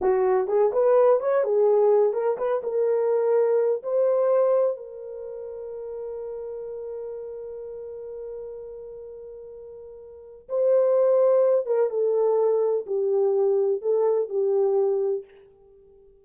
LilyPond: \new Staff \with { instrumentName = "horn" } { \time 4/4 \tempo 4 = 126 fis'4 gis'8 b'4 cis''8 gis'4~ | gis'8 ais'8 b'8 ais'2~ ais'8 | c''2 ais'2~ | ais'1~ |
ais'1~ | ais'2 c''2~ | c''8 ais'8 a'2 g'4~ | g'4 a'4 g'2 | }